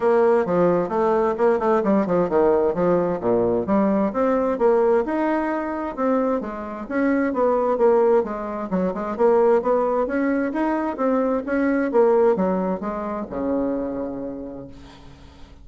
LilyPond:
\new Staff \with { instrumentName = "bassoon" } { \time 4/4 \tempo 4 = 131 ais4 f4 a4 ais8 a8 | g8 f8 dis4 f4 ais,4 | g4 c'4 ais4 dis'4~ | dis'4 c'4 gis4 cis'4 |
b4 ais4 gis4 fis8 gis8 | ais4 b4 cis'4 dis'4 | c'4 cis'4 ais4 fis4 | gis4 cis2. | }